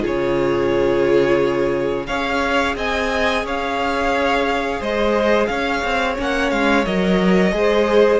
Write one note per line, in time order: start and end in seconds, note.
0.00 2.08 C#3
0.00 2.05 F4
0.00 2.06 G#4
0.00 2.06 C#5
2.06 2.75 C#4
2.06 6.16 G#4
2.06 2.76 C#5
2.06 2.74 F5
2.75 3.44 C4
2.75 3.44 D#5
2.75 3.46 G#5
3.44 4.80 C#4
3.44 4.80 C#5
3.44 4.83 F5
4.80 5.49 G#3
4.80 5.48 C5
4.80 5.46 D#5
5.46 5.83 C#4
5.46 7.54 C#5
5.46 6.14 F5
5.84 6.18 C4
6.16 6.51 A#3
6.16 6.85 C#4
6.16 6.50 F#5
6.50 6.85 G#3
6.50 6.84 F5
6.85 7.52 F#3
6.85 7.52 A#4
6.85 8.19 D#5
7.52 8.19 G#3
7.52 8.19 G#4
7.52 8.19 C5